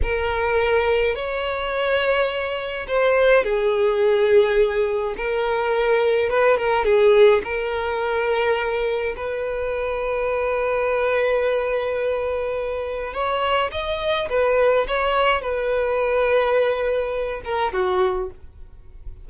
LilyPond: \new Staff \with { instrumentName = "violin" } { \time 4/4 \tempo 4 = 105 ais'2 cis''2~ | cis''4 c''4 gis'2~ | gis'4 ais'2 b'8 ais'8 | gis'4 ais'2. |
b'1~ | b'2. cis''4 | dis''4 b'4 cis''4 b'4~ | b'2~ b'8 ais'8 fis'4 | }